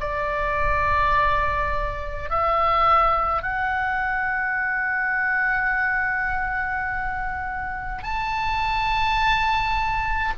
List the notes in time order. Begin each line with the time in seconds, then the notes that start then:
0.00 D5
2.30 E5
3.42 F#5
8.02 A5